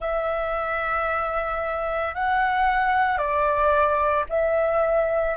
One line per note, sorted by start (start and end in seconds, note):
0.00 2.14 E5
2.14 3.18 F#5
3.18 4.25 D5
4.29 5.36 E5